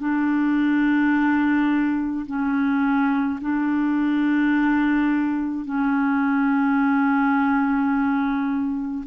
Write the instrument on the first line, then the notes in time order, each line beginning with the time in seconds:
clarinet
0.00 D4
2.27 C#4
3.42 D4
5.66 C#4